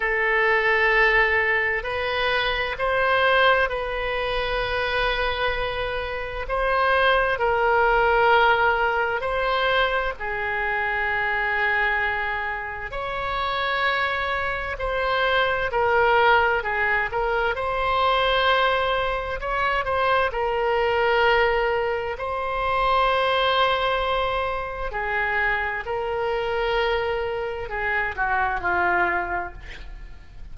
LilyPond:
\new Staff \with { instrumentName = "oboe" } { \time 4/4 \tempo 4 = 65 a'2 b'4 c''4 | b'2. c''4 | ais'2 c''4 gis'4~ | gis'2 cis''2 |
c''4 ais'4 gis'8 ais'8 c''4~ | c''4 cis''8 c''8 ais'2 | c''2. gis'4 | ais'2 gis'8 fis'8 f'4 | }